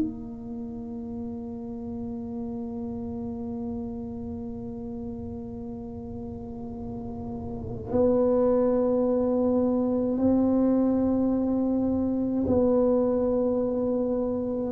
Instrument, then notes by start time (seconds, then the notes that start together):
tuba
0.00 A#3
7.92 B3
10.18 C4
12.47 B3